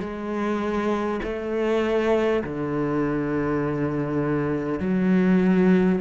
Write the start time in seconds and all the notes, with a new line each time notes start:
0.00 G#3
1.23 A3
2.44 D3
4.79 F#3